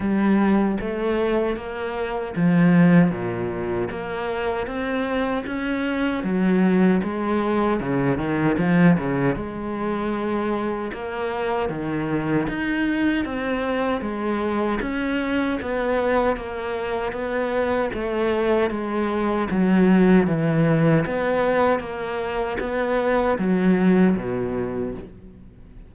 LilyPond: \new Staff \with { instrumentName = "cello" } { \time 4/4 \tempo 4 = 77 g4 a4 ais4 f4 | ais,4 ais4 c'4 cis'4 | fis4 gis4 cis8 dis8 f8 cis8 | gis2 ais4 dis4 |
dis'4 c'4 gis4 cis'4 | b4 ais4 b4 a4 | gis4 fis4 e4 b4 | ais4 b4 fis4 b,4 | }